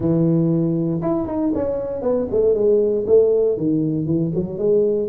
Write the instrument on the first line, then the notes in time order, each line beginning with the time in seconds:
tuba
0.00 E3
1.02 E4
1.26 D#4
1.54 C#4
2.02 B3
2.30 A3
2.54 G#3
3.06 A3
3.57 D#3
4.06 E3
4.34 F#3
4.58 G#3